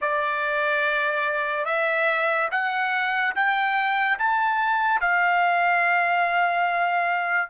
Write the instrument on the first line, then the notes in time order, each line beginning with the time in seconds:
trumpet
0.01 D5
1.65 E5
2.51 F#5
3.35 G5
4.18 A5
5.00 F5